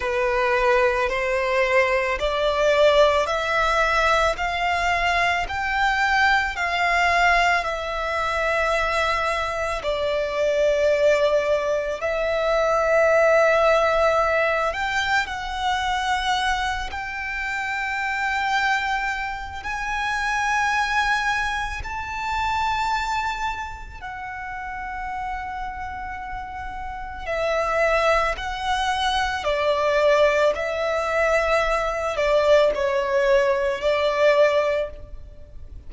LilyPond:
\new Staff \with { instrumentName = "violin" } { \time 4/4 \tempo 4 = 55 b'4 c''4 d''4 e''4 | f''4 g''4 f''4 e''4~ | e''4 d''2 e''4~ | e''4. g''8 fis''4. g''8~ |
g''2 gis''2 | a''2 fis''2~ | fis''4 e''4 fis''4 d''4 | e''4. d''8 cis''4 d''4 | }